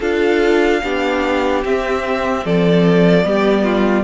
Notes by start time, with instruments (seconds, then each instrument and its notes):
0.00 cello D4, viola F4, violin A4 F5
0.83 cello B3, viola D4, violin G4
1.65 cello C4, viola C4, violin E5
2.45 cello F3, violin A4 D5
3.24 cello G3, viola B3, violin G4
3.65 violin F4